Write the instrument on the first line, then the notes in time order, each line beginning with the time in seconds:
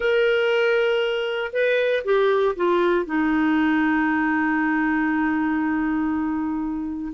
clarinet
0.00 A#4
1.52 B4
2.04 G4
2.56 F4
3.05 D#4